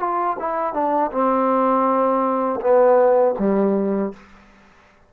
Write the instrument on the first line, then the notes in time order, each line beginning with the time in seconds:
trombone
0.00 F4
0.39 E4
0.74 D4
1.12 C4
2.61 B3
3.39 G3